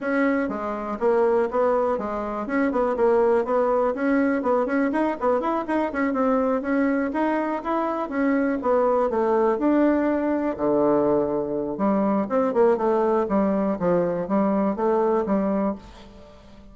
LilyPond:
\new Staff \with { instrumentName = "bassoon" } { \time 4/4 \tempo 4 = 122 cis'4 gis4 ais4 b4 | gis4 cis'8 b8 ais4 b4 | cis'4 b8 cis'8 dis'8 b8 e'8 dis'8 | cis'8 c'4 cis'4 dis'4 e'8~ |
e'8 cis'4 b4 a4 d'8~ | d'4. d2~ d8 | g4 c'8 ais8 a4 g4 | f4 g4 a4 g4 | }